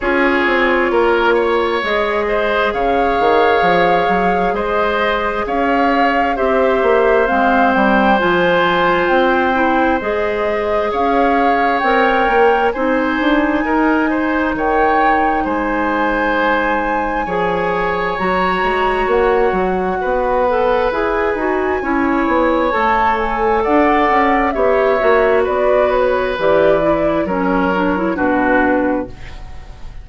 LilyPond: <<
  \new Staff \with { instrumentName = "flute" } { \time 4/4 \tempo 4 = 66 cis''2 dis''4 f''4~ | f''4 dis''4 f''4 e''4 | f''8 g''8 gis''4 g''4 dis''4 | f''4 g''4 gis''2 |
g''4 gis''2. | ais''4 fis''2 gis''4~ | gis''4 a''8 gis''8 fis''4 e''4 | d''8 cis''8 d''4 cis''4 b'4 | }
  \new Staff \with { instrumentName = "oboe" } { \time 4/4 gis'4 ais'8 cis''4 c''8 cis''4~ | cis''4 c''4 cis''4 c''4~ | c''1 | cis''2 c''4 ais'8 c''8 |
cis''4 c''2 cis''4~ | cis''2 b'2 | cis''2 d''4 cis''4 | b'2 ais'4 fis'4 | }
  \new Staff \with { instrumentName = "clarinet" } { \time 4/4 f'2 gis'2~ | gis'2. g'4 | c'4 f'4. e'8 gis'4~ | gis'4 ais'4 dis'2~ |
dis'2. gis'4 | fis'2~ fis'8 a'8 gis'8 fis'8 | e'4 a'2 g'8 fis'8~ | fis'4 g'8 e'8 cis'8 d'16 e'16 d'4 | }
  \new Staff \with { instrumentName = "bassoon" } { \time 4/4 cis'8 c'8 ais4 gis4 cis8 dis8 | f8 fis8 gis4 cis'4 c'8 ais8 | gis8 g8 f4 c'4 gis4 | cis'4 c'8 ais8 c'8 d'8 dis'4 |
dis4 gis2 f4 | fis8 gis8 ais8 fis8 b4 e'8 dis'8 | cis'8 b8 a4 d'8 cis'8 b8 ais8 | b4 e4 fis4 b,4 | }
>>